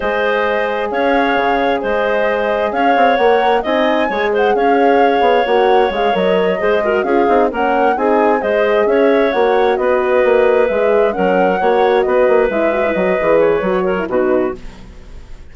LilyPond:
<<
  \new Staff \with { instrumentName = "flute" } { \time 4/4 \tempo 4 = 132 dis''2 f''2 | dis''2 f''4 fis''4 | gis''4. fis''8 f''2 | fis''4 f''8 dis''2 f''8~ |
f''8 fis''4 gis''4 dis''4 e''8~ | e''8 fis''4 dis''2 e''8~ | e''8 fis''2 dis''4 e''8~ | e''8 dis''4 cis''4. b'4 | }
  \new Staff \with { instrumentName = "clarinet" } { \time 4/4 c''2 cis''2 | c''2 cis''2 | dis''4 cis''8 c''8 cis''2~ | cis''2~ cis''8 c''8 ais'8 gis'8~ |
gis'8 ais'4 gis'4 c''4 cis''8~ | cis''4. b'2~ b'8~ | b'8 ais'4 cis''4 b'4.~ | b'2~ b'8 ais'8 fis'4 | }
  \new Staff \with { instrumentName = "horn" } { \time 4/4 gis'1~ | gis'2. ais'4 | dis'4 gis'2. | fis'4 gis'8 ais'4 gis'8 fis'8 f'8 |
dis'8 cis'4 dis'4 gis'4.~ | gis'8 fis'2. gis'8~ | gis'8 cis'4 fis'2 e'8 | fis'16 e'16 fis'8 gis'4 fis'8. e'16 dis'4 | }
  \new Staff \with { instrumentName = "bassoon" } { \time 4/4 gis2 cis'4 cis4 | gis2 cis'8 c'8 ais4 | c'4 gis4 cis'4. b8 | ais4 gis8 fis4 gis4 cis'8 |
c'8 ais4 c'4 gis4 cis'8~ | cis'8 ais4 b4 ais4 gis8~ | gis8 fis4 ais4 b8 ais8 gis8~ | gis8 fis8 e4 fis4 b,4 | }
>>